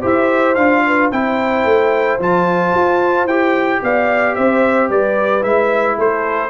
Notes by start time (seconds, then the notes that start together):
0.00 E4 G4 C5
0.06 E5
0.55 D4 F4 F5
0.87 B4
1.12 C4 E4 C5 G5
1.65 A3
2.19 F3 F4 A5
2.74 F4
3.26 E4 G4 G5
3.83 B3 D5 F5
4.36 C4 C5 E5
4.89 G3 B4 D5
5.42 G#3 E4 E5
5.99 A3 A4 C5